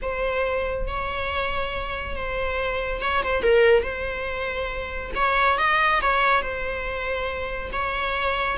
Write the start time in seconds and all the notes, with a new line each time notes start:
0.01 C5
0.87 C#5
2.15 C5
3.01 C#5
3.23 C5
3.42 A#4
3.82 C5
5.15 C#5
5.58 D#5
6.01 C#5
6.42 C5
7.72 C#5